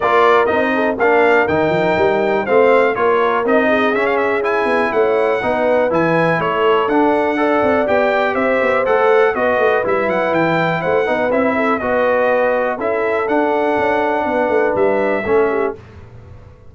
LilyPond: <<
  \new Staff \with { instrumentName = "trumpet" } { \time 4/4 \tempo 4 = 122 d''4 dis''4 f''4 g''4~ | g''4 f''4 cis''4 dis''4 | e''16 f''16 e''8 gis''4 fis''2 | gis''4 cis''4 fis''2 |
g''4 e''4 fis''4 dis''4 | e''8 fis''8 g''4 fis''4 e''4 | dis''2 e''4 fis''4~ | fis''2 e''2 | }
  \new Staff \with { instrumentName = "horn" } { \time 4/4 ais'4. a'8 ais'2~ | ais'4 c''4 ais'4. gis'8~ | gis'2 cis''4 b'4~ | b'4 a'2 d''4~ |
d''4 c''2 b'4~ | b'2 c''8 b'4 a'8 | b'2 a'2~ | a'4 b'2 a'8 g'8 | }
  \new Staff \with { instrumentName = "trombone" } { \time 4/4 f'4 dis'4 d'4 dis'4~ | dis'4 c'4 f'4 dis'4 | cis'4 e'2 dis'4 | e'2 d'4 a'4 |
g'2 a'4 fis'4 | e'2~ e'8 dis'8 e'4 | fis'2 e'4 d'4~ | d'2. cis'4 | }
  \new Staff \with { instrumentName = "tuba" } { \time 4/4 ais4 c'4 ais4 dis8 f8 | g4 a4 ais4 c'4 | cis'4. b8 a4 b4 | e4 a4 d'4. c'8 |
b4 c'8 b8 a4 b8 a8 | g8 fis8 e4 a8 b8 c'4 | b2 cis'4 d'4 | cis'4 b8 a8 g4 a4 | }
>>